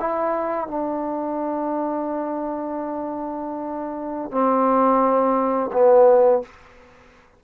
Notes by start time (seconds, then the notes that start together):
0.00 E4
0.68 D4
4.31 C4
5.73 B3